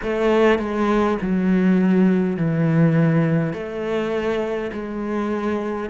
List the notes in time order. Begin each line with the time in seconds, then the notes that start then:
0.02 A3
0.59 G#3
1.21 F#3
2.36 E3
3.53 A3
4.72 G#3